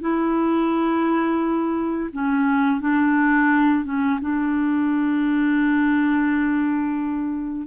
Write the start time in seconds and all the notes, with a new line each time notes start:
0.00 E4
2.12 C#4
2.80 D4
3.84 C#4
4.21 D4